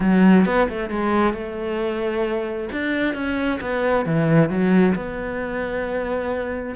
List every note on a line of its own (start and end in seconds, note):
0.00 0.45 F#3
0.45 0.68 B3
0.69 0.90 A3
0.90 1.33 G#3
1.33 2.69 A3
2.72 3.14 D4
3.14 3.59 C#4
3.60 4.05 B3
4.05 4.49 E3
4.49 4.94 F#3
4.95 6.75 B3